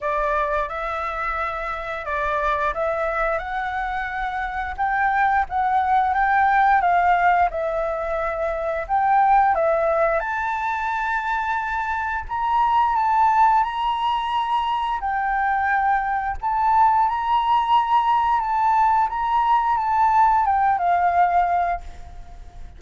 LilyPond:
\new Staff \with { instrumentName = "flute" } { \time 4/4 \tempo 4 = 88 d''4 e''2 d''4 | e''4 fis''2 g''4 | fis''4 g''4 f''4 e''4~ | e''4 g''4 e''4 a''4~ |
a''2 ais''4 a''4 | ais''2 g''2 | a''4 ais''2 a''4 | ais''4 a''4 g''8 f''4. | }